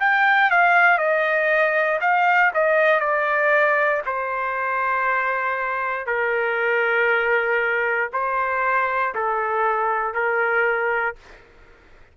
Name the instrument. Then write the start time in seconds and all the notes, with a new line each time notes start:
trumpet
0.00 G5
0.50 F5
0.98 D#5
2.01 F5
2.54 D#5
3.00 D5
4.05 C5
6.06 A#4
8.13 C5
9.14 A4
10.14 A#4